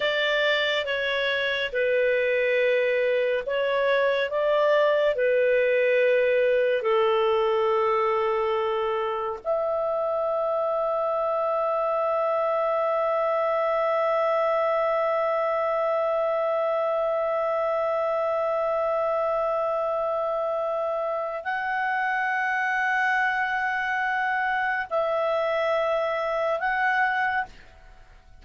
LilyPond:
\new Staff \with { instrumentName = "clarinet" } { \time 4/4 \tempo 4 = 70 d''4 cis''4 b'2 | cis''4 d''4 b'2 | a'2. e''4~ | e''1~ |
e''1~ | e''1~ | e''4 fis''2.~ | fis''4 e''2 fis''4 | }